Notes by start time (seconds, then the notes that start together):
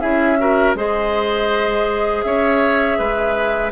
0.00 C#4 E4 G#4 E5
0.38 F#4 A#4
0.75 G#3 G#4 C5 D#5
2.22 C#4 C#5 E5
2.98 G#3 B4